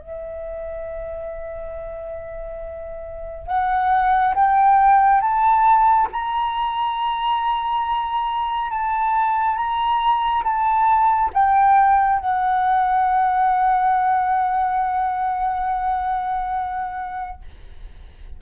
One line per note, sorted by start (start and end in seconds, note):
0.00 3.47 E5
3.47 4.34 F#5
4.35 5.21 G5
5.21 6.08 A5
6.12 8.71 A#5
8.71 9.57 A5
9.57 10.43 A#5
10.44 11.31 A5
11.34 12.20 G5
12.20 17.41 F#5